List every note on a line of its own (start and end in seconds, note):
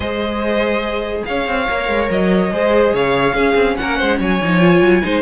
0.00 1.22 G#3
0.00 1.67 G#4
0.00 1.24 C5
0.00 1.24 D#5
1.25 1.47 C#4
1.25 2.52 C#5
1.25 2.09 F5
1.47 1.68 C4
1.69 1.88 A#3
1.69 2.51 A#4
1.88 2.09 G#3
2.09 2.51 F#3
2.09 2.95 D#5
2.51 2.93 G#3
2.51 3.35 G#4
2.51 2.94 C5
2.93 3.33 C#3
2.93 3.34 C#5
2.93 3.76 F5
3.33 3.54 C#4
3.33 4.41 C#4
3.33 3.76 G#4
3.55 3.76 C4
3.76 4.01 A#3
3.76 3.97 A#4
3.76 4.18 F#5
3.97 4.19 G#3
3.97 4.18 C5
4.18 4.40 F#3
4.18 5.02 C#5
4.18 5.21 G#5
4.42 4.81 F3
4.42 4.61 D#4
4.61 5.03 F4
4.81 5.02 F#3
5.03 5.21 G#3
5.03 5.21 D#4
5.03 5.21 C5